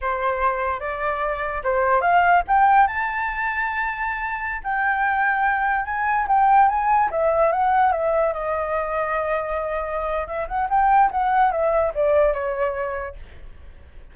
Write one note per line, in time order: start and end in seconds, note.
0.01 0.80 C5
0.80 1.62 D5
1.63 2.01 C5
2.01 2.42 F5
2.47 2.87 G5
2.87 4.61 A5
4.63 5.85 G5
5.85 6.26 G#5
6.27 6.68 G5
6.68 7.09 G#5
7.10 7.51 E5
7.52 7.92 F#5
7.92 8.33 E5
8.33 10.27 D#5
10.27 10.47 E5
10.48 10.68 F#5
10.69 11.10 G5
11.11 11.51 F#5
11.51 11.92 E5
11.94 12.33 D5
12.33 13.15 C#5